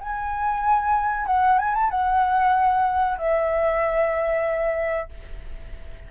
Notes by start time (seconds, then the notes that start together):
0.00 G#5
1.26 F#5
1.58 G#5
1.74 A5
1.90 F#5
3.18 E5